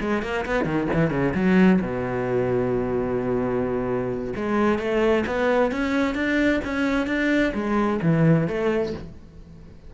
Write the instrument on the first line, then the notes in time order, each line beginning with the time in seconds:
cello
0.00 G#3
0.22 A#3
0.45 B3
0.65 D#3
0.93 E3
1.10 C#3
1.34 F#3
1.81 B2
4.36 G#3
4.79 A3
5.26 B3
5.71 C#4
6.15 D4
6.64 C#4
7.07 D4
7.54 G#3
8.02 E3
8.47 A3